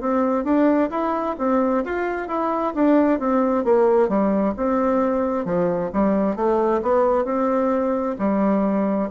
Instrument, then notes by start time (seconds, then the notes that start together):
bassoon
0.00 C4
0.44 D4
0.90 E4
1.38 C4
1.85 F4
2.28 E4
2.74 D4
3.19 C4
3.64 A#3
4.08 G3
4.57 C4
5.45 F3
5.93 G3
6.36 A3
6.82 B3
7.25 C4
8.19 G3